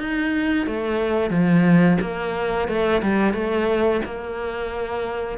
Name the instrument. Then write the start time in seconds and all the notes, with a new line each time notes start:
cello
0.00 D#4
0.67 A3
1.31 F3
2.01 A#3
2.69 A3
3.03 G3
3.34 A3
4.05 A#3